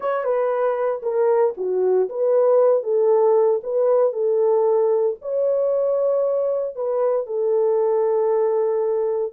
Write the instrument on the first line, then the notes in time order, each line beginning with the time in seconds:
horn
0.00 C#5
0.24 B4
1.02 A#4
1.57 F#4
2.09 B4
2.83 A4
3.63 B4
4.12 A4
5.21 C#5
6.75 B4
7.26 A4